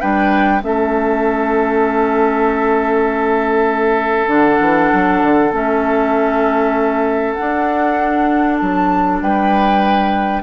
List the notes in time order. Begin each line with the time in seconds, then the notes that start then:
0.00 G3 D4 B4 G5
0.61 A3 C#4 A4 E5
4.27 D3 D4 F#5
4.60 E3
4.93 F#3
5.22 D3
5.52 A3 C#4 E5
7.33 D4 F#5
7.40 D4
8.58 F#3 A5
9.21 G3 B4 G5